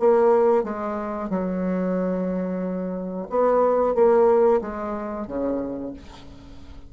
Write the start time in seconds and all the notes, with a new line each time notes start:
0.00 A#3
0.64 G#3
1.30 F#3
3.30 B3
3.95 A#3
4.62 G#3
5.28 C#3